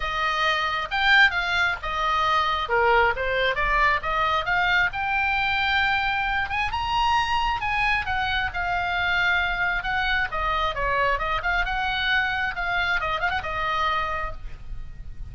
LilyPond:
\new Staff \with { instrumentName = "oboe" } { \time 4/4 \tempo 4 = 134 dis''2 g''4 f''4 | dis''2 ais'4 c''4 | d''4 dis''4 f''4 g''4~ | g''2~ g''8 gis''8 ais''4~ |
ais''4 gis''4 fis''4 f''4~ | f''2 fis''4 dis''4 | cis''4 dis''8 f''8 fis''2 | f''4 dis''8 f''16 fis''16 dis''2 | }